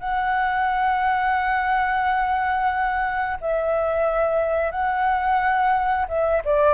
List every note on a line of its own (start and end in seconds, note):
0.00 3.37 F#5
3.41 4.71 E5
4.71 6.06 F#5
6.09 6.42 E5
6.45 6.74 D5